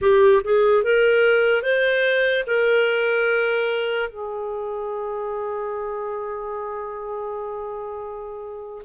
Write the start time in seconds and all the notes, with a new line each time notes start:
0.01 G4
0.44 G#4
0.83 A#4
1.62 C5
2.46 A#4
4.09 G#4